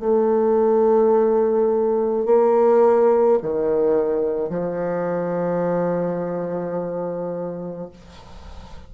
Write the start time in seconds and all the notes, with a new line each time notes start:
0.00 A3
2.26 A#3
3.43 D#3
4.50 F3